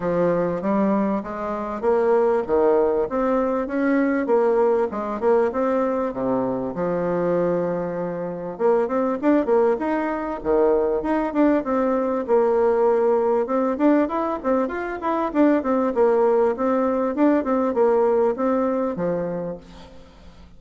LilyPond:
\new Staff \with { instrumentName = "bassoon" } { \time 4/4 \tempo 4 = 98 f4 g4 gis4 ais4 | dis4 c'4 cis'4 ais4 | gis8 ais8 c'4 c4 f4~ | f2 ais8 c'8 d'8 ais8 |
dis'4 dis4 dis'8 d'8 c'4 | ais2 c'8 d'8 e'8 c'8 | f'8 e'8 d'8 c'8 ais4 c'4 | d'8 c'8 ais4 c'4 f4 | }